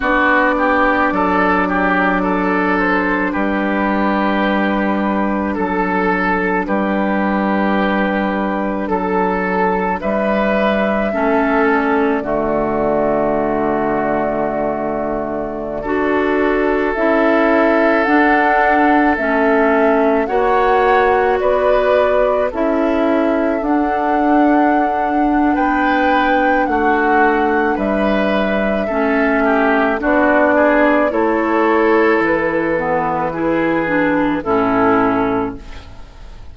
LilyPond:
<<
  \new Staff \with { instrumentName = "flute" } { \time 4/4 \tempo 4 = 54 d''2~ d''8 c''8 b'4~ | b'4 a'4 b'2 | a'4 e''4. d''4.~ | d''2.~ d''16 e''8.~ |
e''16 fis''4 e''4 fis''4 d''8.~ | d''16 e''4 fis''4.~ fis''16 g''4 | fis''4 e''2 d''4 | cis''4 b'2 a'4 | }
  \new Staff \with { instrumentName = "oboe" } { \time 4/4 fis'8 g'8 a'8 g'8 a'4 g'4~ | g'4 a'4 g'2 | a'4 b'4 a'4 fis'4~ | fis'2~ fis'16 a'4.~ a'16~ |
a'2~ a'16 cis''4 b'8.~ | b'16 a'2~ a'8. b'4 | fis'4 b'4 a'8 g'8 fis'8 gis'8 | a'2 gis'4 e'4 | }
  \new Staff \with { instrumentName = "clarinet" } { \time 4/4 d'1~ | d'1~ | d'2 cis'4 a4~ | a2~ a16 fis'4 e'8.~ |
e'16 d'4 cis'4 fis'4.~ fis'16~ | fis'16 e'4 d'2~ d'8.~ | d'2 cis'4 d'4 | e'4. b8 e'8 d'8 cis'4 | }
  \new Staff \with { instrumentName = "bassoon" } { \time 4/4 b4 fis2 g4~ | g4 fis4 g2 | fis4 g4 a4 d4~ | d2~ d16 d'4 cis'8.~ |
cis'16 d'4 a4 ais4 b8.~ | b16 cis'4 d'4.~ d'16 b4 | a4 g4 a4 b4 | a4 e2 a,4 | }
>>